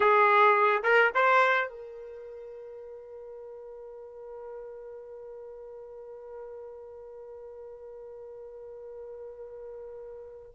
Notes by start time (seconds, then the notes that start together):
0.00 G#4
0.83 A#4
1.14 C5
1.68 A#4